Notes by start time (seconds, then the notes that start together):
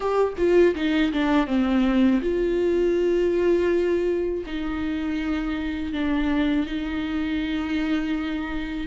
0.00 G4
0.37 F4
0.75 D#4
1.12 D4
1.46 C4
2.21 F4
4.46 D#4
5.93 D4
6.66 D#4